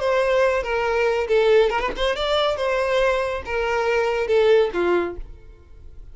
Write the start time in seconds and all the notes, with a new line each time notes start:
0.00 C5
0.63 A#4
1.28 A4
1.70 A#4
1.81 B4
1.97 C5
2.16 D5
2.57 C5
3.45 A#4
4.27 A4
4.74 F4